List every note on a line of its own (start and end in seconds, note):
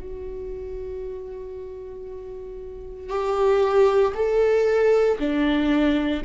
0.00 3.09 F#4
3.09 4.13 G4
4.15 5.18 A4
5.19 6.23 D4